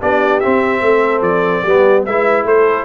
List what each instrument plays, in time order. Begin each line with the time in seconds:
0.00 tuba B3, trombone D4, horn G4, trumpet D5
0.40 trombone C4, tuba C4, trumpet E5
0.81 tuba A3, horn A4
1.21 tuba F3, trumpet D5
1.63 tuba G3, trombone B3, horn G4
2.05 tuba G#3, trombone E4, horn B4, trumpet E5
2.44 tuba A3, horn A4, trumpet C5